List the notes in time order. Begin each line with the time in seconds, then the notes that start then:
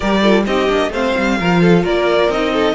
0.00 G3 G4 A#4 D5
0.22 F4 A4
0.46 C4 D#4 G4 D#5
0.68 A#3 D4
0.89 A3 C4 C5 F5
1.17 G3
1.39 F3 F4 A#4
1.61 A4
1.82 A#3 A#4 D5
2.28 C4 D#4 D#5
2.53 A4